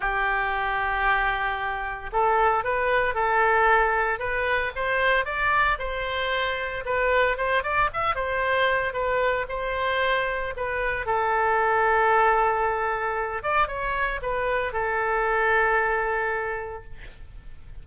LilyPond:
\new Staff \with { instrumentName = "oboe" } { \time 4/4 \tempo 4 = 114 g'1 | a'4 b'4 a'2 | b'4 c''4 d''4 c''4~ | c''4 b'4 c''8 d''8 e''8 c''8~ |
c''4 b'4 c''2 | b'4 a'2.~ | a'4. d''8 cis''4 b'4 | a'1 | }